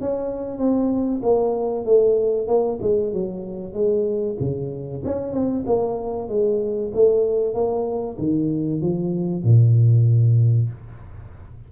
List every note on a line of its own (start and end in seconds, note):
0.00 0.58 C#4
0.58 1.21 C4
1.22 1.85 A#3
1.85 2.47 A3
2.47 2.79 A#3
2.81 3.13 G#3
3.13 3.73 F#3
3.73 4.36 G#3
4.40 5.03 C#3
5.04 5.32 C#4
5.32 5.64 C4
5.66 6.28 A#3
6.28 6.92 G#3
6.94 7.54 A3
7.54 8.17 A#3
8.18 8.81 D#3
8.81 9.43 F3
9.43 10.69 A#2